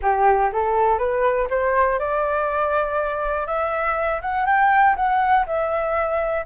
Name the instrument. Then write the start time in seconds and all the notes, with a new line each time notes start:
flute
0.02 G4
0.52 A4
0.98 B4
1.50 C5
1.99 D5
3.46 E5
4.21 F#5
4.46 G5
4.95 F#5
5.46 E5